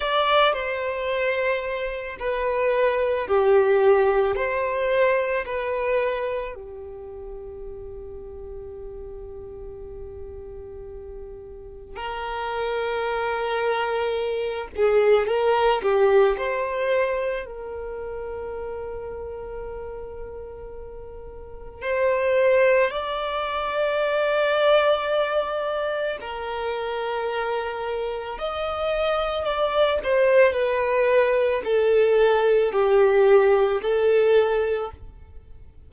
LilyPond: \new Staff \with { instrumentName = "violin" } { \time 4/4 \tempo 4 = 55 d''8 c''4. b'4 g'4 | c''4 b'4 g'2~ | g'2. ais'4~ | ais'4. gis'8 ais'8 g'8 c''4 |
ais'1 | c''4 d''2. | ais'2 dis''4 d''8 c''8 | b'4 a'4 g'4 a'4 | }